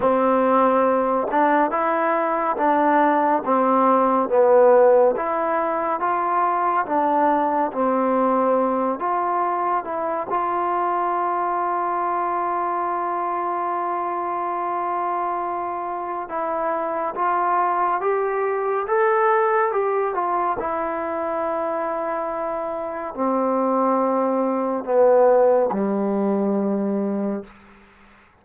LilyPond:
\new Staff \with { instrumentName = "trombone" } { \time 4/4 \tempo 4 = 70 c'4. d'8 e'4 d'4 | c'4 b4 e'4 f'4 | d'4 c'4. f'4 e'8 | f'1~ |
f'2. e'4 | f'4 g'4 a'4 g'8 f'8 | e'2. c'4~ | c'4 b4 g2 | }